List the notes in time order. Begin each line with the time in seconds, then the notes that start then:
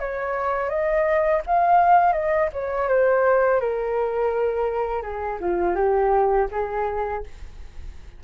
0.00 C#5
0.69 D#5
1.47 F5
2.13 D#5
2.53 C#5
2.89 C5
3.60 A#4
5.03 G#4
5.41 F4
5.75 G4
6.51 G#4